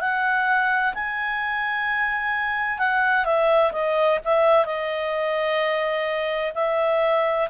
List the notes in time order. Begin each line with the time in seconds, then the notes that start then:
0.00 F#5
0.94 G#5
2.79 F#5
3.25 E5
3.72 D#5
4.24 E5
4.65 D#5
6.55 E5